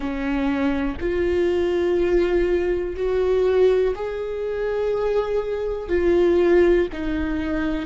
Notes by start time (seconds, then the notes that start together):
0.00 C#4
1.00 F4
2.96 F#4
3.95 G#4
5.88 F4
6.92 D#4